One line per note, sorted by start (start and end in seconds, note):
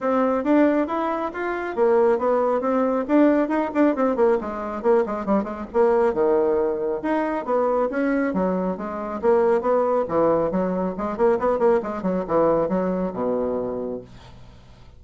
0.00 0.44 C4
0.44 0.87 D4
0.87 1.31 E4
1.33 1.75 F4
1.75 2.18 A#3
2.18 2.61 B3
2.61 3.04 C4
3.08 3.48 D4
3.48 3.70 D#4
3.74 3.95 D4
3.95 4.16 C4
4.16 4.38 A#3
4.40 4.82 G#3
4.82 5.04 A#3
5.06 5.25 G#3
5.25 5.43 G3
5.43 5.65 G#3
5.73 6.13 A#3
6.13 7.01 D#3
7.02 7.45 D#4
7.45 7.89 B3
7.90 8.33 C#4
8.33 8.77 F#3
8.77 9.20 G#3
9.21 9.61 A#3
9.61 10.05 B3
10.08 10.51 E3
10.51 10.94 F#3
10.97 11.17 G#3
11.17 11.38 A#3
11.39 11.58 B3
11.58 11.80 A#3
11.82 12.02 G#3
12.02 12.24 F#3
12.27 12.68 E3
12.68 13.12 F#3
13.13 14.00 B2